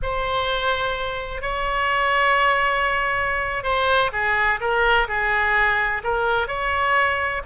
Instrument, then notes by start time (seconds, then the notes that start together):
oboe
0.02 C5
1.41 C#5
3.63 C5
4.12 G#4
4.60 A#4
5.08 G#4
6.03 A#4
6.47 C#5